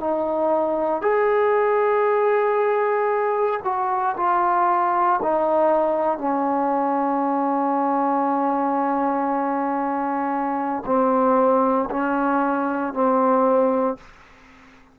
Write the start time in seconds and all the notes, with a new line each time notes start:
0.00 D#4
1.02 G#4
3.64 F#4
4.17 F4
5.22 D#4
6.18 C#4
10.86 C4
11.91 C#4
12.94 C4